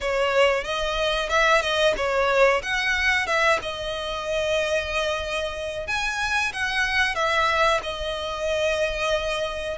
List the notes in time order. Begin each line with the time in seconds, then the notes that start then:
0.00 C#5
0.63 D#5
1.29 E5
1.61 D#5
1.97 C#5
2.62 F#5
3.26 E5
3.62 D#5
5.87 G#5
6.52 F#5
7.15 E5
7.83 D#5